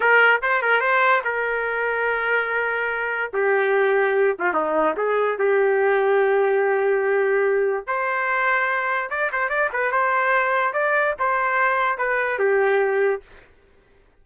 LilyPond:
\new Staff \with { instrumentName = "trumpet" } { \time 4/4 \tempo 4 = 145 ais'4 c''8 ais'8 c''4 ais'4~ | ais'1 | g'2~ g'8 f'8 dis'4 | gis'4 g'2.~ |
g'2. c''4~ | c''2 d''8 c''8 d''8 b'8 | c''2 d''4 c''4~ | c''4 b'4 g'2 | }